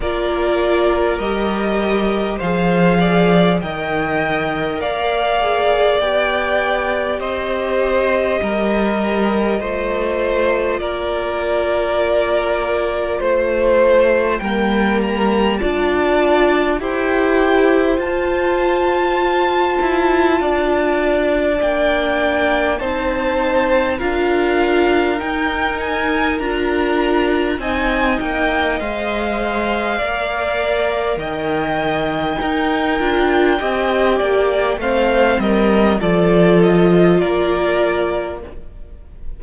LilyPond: <<
  \new Staff \with { instrumentName = "violin" } { \time 4/4 \tempo 4 = 50 d''4 dis''4 f''4 g''4 | f''4 g''4 dis''2~ | dis''4 d''2 c''4 | g''8 ais''8 a''4 g''4 a''4~ |
a''2 g''4 a''4 | f''4 g''8 gis''8 ais''4 gis''8 g''8 | f''2 g''2~ | g''4 f''8 dis''8 d''8 dis''8 d''4 | }
  \new Staff \with { instrumentName = "violin" } { \time 4/4 ais'2 c''8 d''8 dis''4 | d''2 c''4 ais'4 | c''4 ais'2 c''4 | ais'4 d''4 c''2~ |
c''4 d''2 c''4 | ais'2. dis''4~ | dis''4 d''4 dis''4 ais'4 | dis''8 d''8 c''8 ais'8 a'4 ais'4 | }
  \new Staff \with { instrumentName = "viola" } { \time 4/4 f'4 g'4 gis'4 ais'4~ | ais'8 gis'8 g'2. | f'1 | ais4 f'4 g'4 f'4~ |
f'2 d'4 dis'4 | f'4 dis'4 f'4 dis'4 | c''4 ais'2 dis'8 f'8 | g'4 c'4 f'2 | }
  \new Staff \with { instrumentName = "cello" } { \time 4/4 ais4 g4 f4 dis4 | ais4 b4 c'4 g4 | a4 ais2 a4 | g4 d'4 e'4 f'4~ |
f'8 e'8 d'4 ais4 c'4 | d'4 dis'4 d'4 c'8 ais8 | gis4 ais4 dis4 dis'8 d'8 | c'8 ais8 a8 g8 f4 ais4 | }
>>